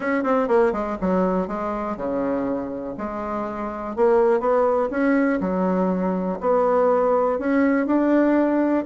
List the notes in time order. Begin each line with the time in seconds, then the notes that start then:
0.00 C#4
0.23 C4
0.48 A#3
0.72 G#3
1.00 F#3
1.47 G#3
1.96 C#3
2.97 G#3
3.96 A#3
4.39 B3
4.90 C#4
5.40 F#3
6.40 B3
7.38 C#4
7.86 D4